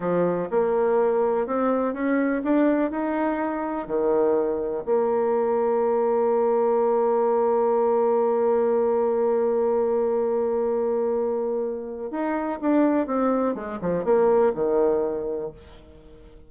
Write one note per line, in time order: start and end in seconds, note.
0.00 0.48 F3
0.50 1.46 A#3
1.46 1.93 C4
1.93 2.42 C#4
2.43 2.90 D4
2.90 3.87 D#4
3.87 4.84 D#3
4.85 12.11 A#3
12.11 12.59 D#4
12.61 13.06 D4
13.06 13.55 C4
13.55 13.79 G#3
13.81 14.04 F3
14.04 14.52 A#3
14.54 15.51 D#3